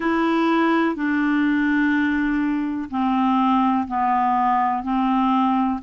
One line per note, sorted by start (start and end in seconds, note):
0.00 0.95 E4
0.95 2.89 D4
2.90 3.87 C4
3.87 4.83 B3
4.83 5.80 C4